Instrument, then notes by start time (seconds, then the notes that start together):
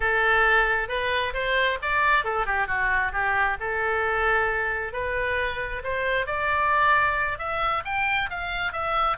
oboe
0.00 A4
0.88 B4
1.33 C5
1.82 D5
2.24 A4
2.45 G4
2.67 F#4
3.12 G4
3.60 A4
4.92 B4
5.83 C5
6.26 D5
7.38 E5
7.85 G5
8.30 F5
8.72 E5